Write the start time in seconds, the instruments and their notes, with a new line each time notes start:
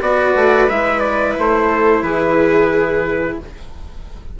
0.00 bassoon B3, cello F#4, viola B4, trumpet D5
0.35 bassoon A3
0.69 bassoon G#3, cello E4, trumpet E5
1.00 trumpet D5
1.38 bassoon A3, trumpet C5
1.68 viola A4
2.02 bassoon E3, viola G#4, trumpet B4